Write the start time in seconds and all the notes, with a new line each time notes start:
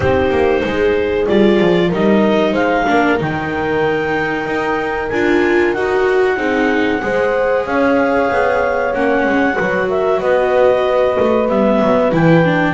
0.00 C4 D#4 G4 C5
0.30 A#3
0.63 G#3 G#4
1.27 G3 F4 D5
1.60 F3
1.88 G3 D#4 A#4 D#5
2.52 G#3 C5 F5
2.86 A#3 D4 A#4
3.17 D#3 D#4 G5
4.46 D#4
5.09 D4 F4 G#5
5.73 D#4 F#4 F#5
6.36 C4 D#4 G#4
7.02 G#3 G#4 C5
7.65 C#4 C#5 F5
8.30 B3
8.93 A#3 C#4 F#5
9.25 G#3
9.53 F#4 B4
9.59 F#3
9.88 A#4 E5
10.18 B3 B4 D#5
11.20 A3
11.48 G3 B3 E5
11.81 F#3
12.11 E3 E4 G5
12.44 D4